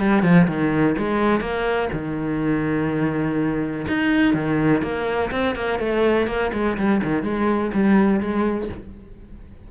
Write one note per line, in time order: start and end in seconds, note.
0.00 0.23 G3
0.23 0.47 F3
0.48 0.96 D#3
0.98 1.41 G#3
1.41 1.89 A#3
1.93 3.86 D#3
3.88 4.34 D#4
4.34 4.82 D#3
4.82 5.30 A#3
5.31 5.55 C4
5.55 5.79 A#3
5.79 6.27 A3
6.27 6.51 A#3
6.53 6.77 G#3
6.77 7.02 G3
7.03 7.23 D#3
7.23 7.71 G#3
7.74 8.20 G3
8.20 8.69 G#3